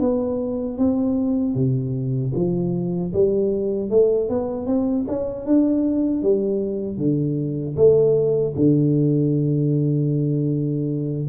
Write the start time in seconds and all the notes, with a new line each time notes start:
0.00 B3
0.78 C4
1.55 C3
2.35 F3
3.13 G3
3.90 A3
4.29 B3
4.66 C4
5.08 C#4
5.45 D4
6.23 G3
6.97 D3
7.76 A3
8.56 D3